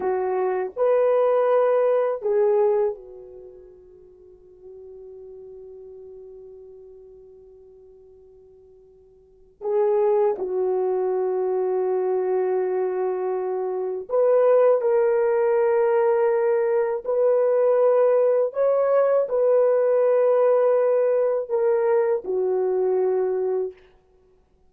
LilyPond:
\new Staff \with { instrumentName = "horn" } { \time 4/4 \tempo 4 = 81 fis'4 b'2 gis'4 | fis'1~ | fis'1~ | fis'4 gis'4 fis'2~ |
fis'2. b'4 | ais'2. b'4~ | b'4 cis''4 b'2~ | b'4 ais'4 fis'2 | }